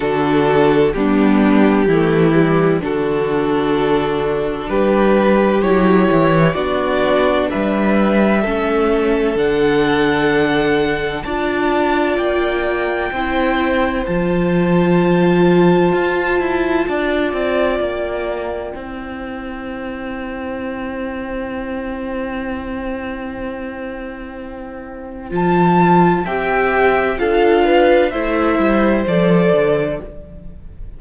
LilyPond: <<
  \new Staff \with { instrumentName = "violin" } { \time 4/4 \tempo 4 = 64 a'4 g'2 a'4~ | a'4 b'4 cis''4 d''4 | e''2 fis''2 | a''4 g''2 a''4~ |
a''2. g''4~ | g''1~ | g''2. a''4 | g''4 f''4 e''4 d''4 | }
  \new Staff \with { instrumentName = "violin" } { \time 4/4 fis'4 d'4 e'4 fis'4~ | fis'4 g'2 fis'4 | b'4 a'2. | d''2 c''2~ |
c''2 d''2 | c''1~ | c''1 | e''4 a'8 b'8 c''2 | }
  \new Staff \with { instrumentName = "viola" } { \time 4/4 d'4 b4 a8 g8 d'4~ | d'2 e'4 d'4~ | d'4 cis'4 d'2 | f'2 e'4 f'4~ |
f'1 | e'1~ | e'2. f'4 | g'4 f'4 e'4 a'4 | }
  \new Staff \with { instrumentName = "cello" } { \time 4/4 d4 g4 e4 d4~ | d4 g4 fis8 e8 b4 | g4 a4 d2 | d'4 ais4 c'4 f4~ |
f4 f'8 e'8 d'8 c'8 ais4 | c'1~ | c'2. f4 | c'4 d'4 a8 g8 f8 d8 | }
>>